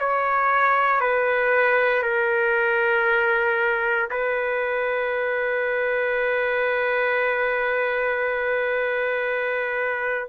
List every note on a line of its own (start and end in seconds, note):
0.00 1.01 C#5
1.01 2.03 B4
2.03 4.10 A#4
4.11 10.30 B4